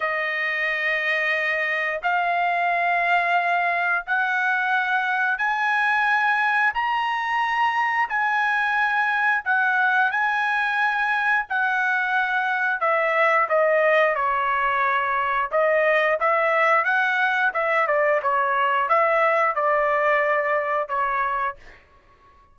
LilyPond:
\new Staff \with { instrumentName = "trumpet" } { \time 4/4 \tempo 4 = 89 dis''2. f''4~ | f''2 fis''2 | gis''2 ais''2 | gis''2 fis''4 gis''4~ |
gis''4 fis''2 e''4 | dis''4 cis''2 dis''4 | e''4 fis''4 e''8 d''8 cis''4 | e''4 d''2 cis''4 | }